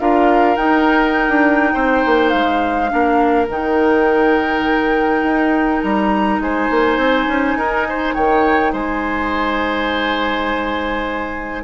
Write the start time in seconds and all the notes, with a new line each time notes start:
0.00 D4 F4 A#4 F5
0.56 D#4 G5
1.29 D4
1.74 C4 C5
2.06 A#3
2.29 G#3 F5
2.89 A#3 D4 A#4
3.49 D#3 D#4 G5
5.23 D#4
5.82 G3 A#5
6.39 G#3 C5 G#5
6.71 A#3
6.98 C4
7.27 C#4
7.55 D#4 A#4
7.89 C5
8.14 D#3 C#5 G5
8.73 G#3 C5 G#5